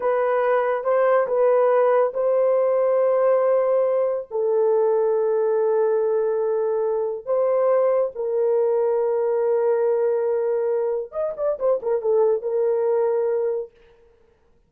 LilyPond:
\new Staff \with { instrumentName = "horn" } { \time 4/4 \tempo 4 = 140 b'2 c''4 b'4~ | b'4 c''2.~ | c''2 a'2~ | a'1~ |
a'4 c''2 ais'4~ | ais'1~ | ais'2 dis''8 d''8 c''8 ais'8 | a'4 ais'2. | }